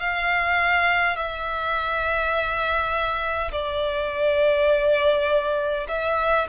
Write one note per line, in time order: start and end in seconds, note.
0.00 1.16 F5
1.16 3.51 E5
3.52 5.87 D5
5.88 6.47 E5